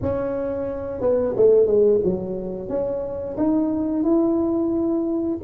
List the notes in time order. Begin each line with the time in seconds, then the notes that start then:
0.02 C#4
1.00 B3
1.36 A3
1.66 G#3
2.03 F#3
2.68 C#4
3.37 D#4
4.03 E4